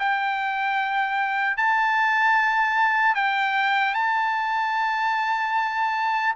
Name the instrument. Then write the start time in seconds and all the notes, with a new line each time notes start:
trumpet
0.00 G5
1.57 A5
3.16 G5
3.95 A5